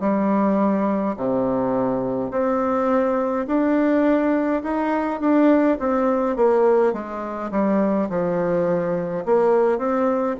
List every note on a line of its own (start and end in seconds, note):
0.00 1.15 G3
1.16 2.31 C3
2.31 3.46 C4
3.47 4.62 D4
4.63 5.20 D#4
5.20 5.77 D4
5.79 6.36 C4
6.36 6.92 A#3
6.92 7.50 G#3
7.51 8.08 G3
8.09 9.24 F3
9.25 9.78 A#3
9.78 10.35 C4